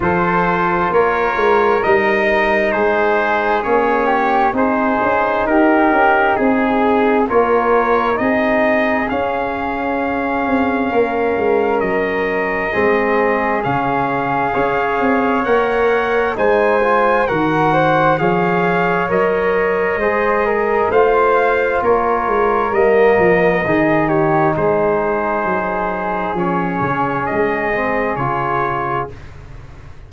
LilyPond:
<<
  \new Staff \with { instrumentName = "trumpet" } { \time 4/4 \tempo 4 = 66 c''4 cis''4 dis''4 c''4 | cis''4 c''4 ais'4 gis'4 | cis''4 dis''4 f''2~ | f''4 dis''2 f''4~ |
f''4 fis''4 gis''4 fis''4 | f''4 dis''2 f''4 | cis''4 dis''4. cis''8 c''4~ | c''4 cis''4 dis''4 cis''4 | }
  \new Staff \with { instrumentName = "flute" } { \time 4/4 a'4 ais'2 gis'4~ | gis'8 g'8 gis'4 g'4 gis'4 | ais'4 gis'2. | ais'2 gis'2 |
cis''2 c''4 ais'8 c''8 | cis''2 c''8 ais'8 c''4 | ais'2 gis'8 g'8 gis'4~ | gis'1 | }
  \new Staff \with { instrumentName = "trombone" } { \time 4/4 f'2 dis'2 | cis'4 dis'2. | f'4 dis'4 cis'2~ | cis'2 c'4 cis'4 |
gis'4 ais'4 dis'8 f'8 fis'4 | gis'4 ais'4 gis'4 f'4~ | f'4 ais4 dis'2~ | dis'4 cis'4. c'8 f'4 | }
  \new Staff \with { instrumentName = "tuba" } { \time 4/4 f4 ais8 gis8 g4 gis4 | ais4 c'8 cis'8 dis'8 cis'8 c'4 | ais4 c'4 cis'4. c'8 | ais8 gis8 fis4 gis4 cis4 |
cis'8 c'8 ais4 gis4 dis4 | f4 fis4 gis4 a4 | ais8 gis8 g8 f8 dis4 gis4 | fis4 f8 cis8 gis4 cis4 | }
>>